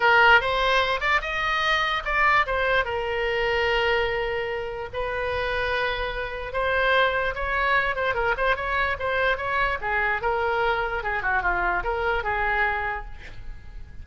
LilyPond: \new Staff \with { instrumentName = "oboe" } { \time 4/4 \tempo 4 = 147 ais'4 c''4. d''8 dis''4~ | dis''4 d''4 c''4 ais'4~ | ais'1 | b'1 |
c''2 cis''4. c''8 | ais'8 c''8 cis''4 c''4 cis''4 | gis'4 ais'2 gis'8 fis'8 | f'4 ais'4 gis'2 | }